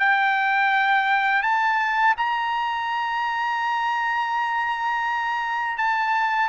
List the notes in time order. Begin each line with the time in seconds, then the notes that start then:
0.00 G5
1.43 A5
2.18 A#5
5.78 A5